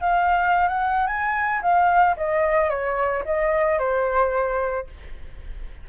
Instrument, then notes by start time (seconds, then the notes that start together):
flute
0.00 F5
0.68 F#5
1.07 G#5
1.62 F5
2.16 D#5
2.69 C#5
3.25 D#5
3.79 C5